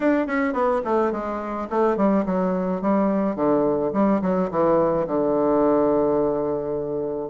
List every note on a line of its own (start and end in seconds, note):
0.00 0.27 D4
0.27 0.53 C#4
0.53 0.81 B3
0.84 1.12 A3
1.12 1.68 G#3
1.70 1.96 A3
1.96 2.24 G3
2.25 2.81 F#3
2.81 3.35 G3
3.35 3.92 D3
3.93 4.21 G3
4.21 4.49 F#3
4.50 5.06 E3
5.07 7.29 D3